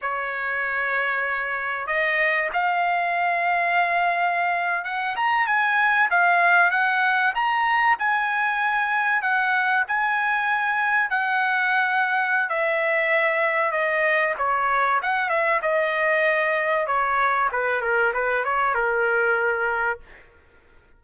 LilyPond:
\new Staff \with { instrumentName = "trumpet" } { \time 4/4 \tempo 4 = 96 cis''2. dis''4 | f''2.~ f''8. fis''16~ | fis''16 ais''8 gis''4 f''4 fis''4 ais''16~ | ais''8. gis''2 fis''4 gis''16~ |
gis''4.~ gis''16 fis''2~ fis''16 | e''2 dis''4 cis''4 | fis''8 e''8 dis''2 cis''4 | b'8 ais'8 b'8 cis''8 ais'2 | }